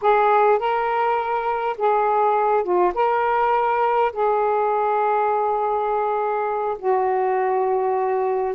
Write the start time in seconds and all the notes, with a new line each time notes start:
0.01 G#4
0.58 A#4
1.77 G#4
2.63 F4
2.94 A#4
4.12 G#4
6.78 F#4